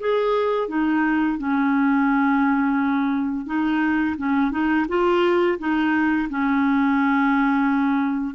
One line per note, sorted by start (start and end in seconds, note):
0.00 0.68 G#4
0.68 1.38 D#4
1.39 3.46 C#4
3.46 4.16 D#4
4.17 4.51 C#4
4.51 4.86 D#4
4.89 5.58 F4
5.59 6.29 D#4
6.30 8.35 C#4